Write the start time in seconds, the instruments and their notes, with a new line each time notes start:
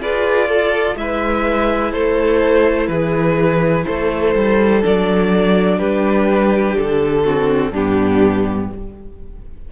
0.00 cello F4, viola G#4, violin B4 D5
0.49 violin A4, viola A4
0.96 cello G#3, viola E4, violin B4 E5
1.92 cello A3, violin A4 C5
2.88 cello E3, violin G#4 B4
3.85 cello A3, violin A4 C5
4.35 cello G3
4.81 cello F#3, viola D4, violin D5
5.79 cello G3, violin G4 B4
6.78 cello D3, violin A4
7.25 viola C4, violin F#4
7.72 cello G2, viola B3, violin D4 G4